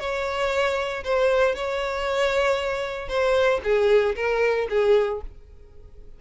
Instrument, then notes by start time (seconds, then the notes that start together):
violin
0.00 C#5
1.04 C5
1.55 C#5
3.08 C5
3.63 G#4
4.16 A#4
4.70 G#4